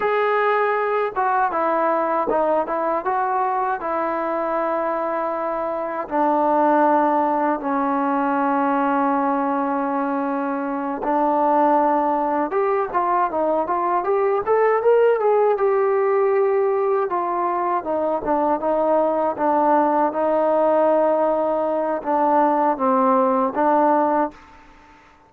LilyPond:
\new Staff \with { instrumentName = "trombone" } { \time 4/4 \tempo 4 = 79 gis'4. fis'8 e'4 dis'8 e'8 | fis'4 e'2. | d'2 cis'2~ | cis'2~ cis'8 d'4.~ |
d'8 g'8 f'8 dis'8 f'8 g'8 a'8 ais'8 | gis'8 g'2 f'4 dis'8 | d'8 dis'4 d'4 dis'4.~ | dis'4 d'4 c'4 d'4 | }